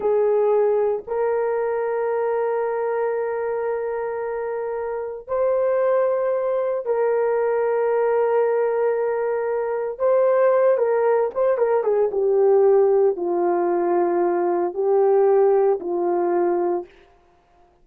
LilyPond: \new Staff \with { instrumentName = "horn" } { \time 4/4 \tempo 4 = 114 gis'2 ais'2~ | ais'1~ | ais'2 c''2~ | c''4 ais'2.~ |
ais'2. c''4~ | c''8 ais'4 c''8 ais'8 gis'8 g'4~ | g'4 f'2. | g'2 f'2 | }